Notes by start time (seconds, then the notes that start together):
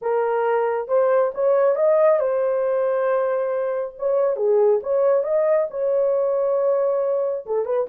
0.01 A#4
0.88 C5
1.34 C#5
1.75 D#5
2.19 C5
3.98 C#5
4.36 G#4
4.83 C#5
5.23 D#5
5.70 C#5
7.46 A4
7.65 B4